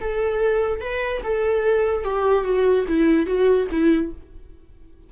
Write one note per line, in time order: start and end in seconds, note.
0.00 0.80 A4
0.80 1.21 B4
1.23 2.04 A4
2.04 2.44 G4
2.44 2.85 F#4
2.88 3.26 E4
3.26 3.67 F#4
3.71 4.12 E4